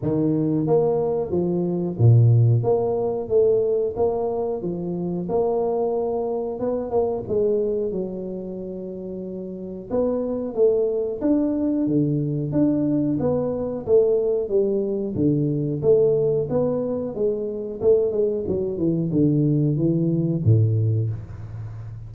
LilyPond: \new Staff \with { instrumentName = "tuba" } { \time 4/4 \tempo 4 = 91 dis4 ais4 f4 ais,4 | ais4 a4 ais4 f4 | ais2 b8 ais8 gis4 | fis2. b4 |
a4 d'4 d4 d'4 | b4 a4 g4 d4 | a4 b4 gis4 a8 gis8 | fis8 e8 d4 e4 a,4 | }